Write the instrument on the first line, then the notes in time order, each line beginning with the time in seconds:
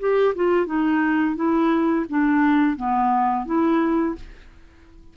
clarinet
0.00 G4
0.36 F4
0.67 D#4
1.36 E4
2.10 D4
2.77 B3
3.46 E4